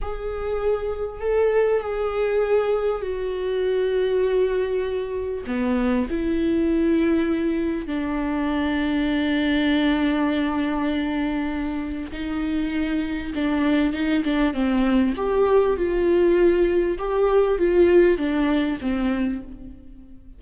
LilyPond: \new Staff \with { instrumentName = "viola" } { \time 4/4 \tempo 4 = 99 gis'2 a'4 gis'4~ | gis'4 fis'2.~ | fis'4 b4 e'2~ | e'4 d'2.~ |
d'1 | dis'2 d'4 dis'8 d'8 | c'4 g'4 f'2 | g'4 f'4 d'4 c'4 | }